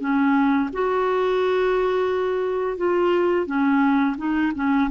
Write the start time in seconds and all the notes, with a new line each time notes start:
0.00 C#4
0.73 F#4
2.77 F4
3.46 C#4
4.18 D#4
4.55 C#4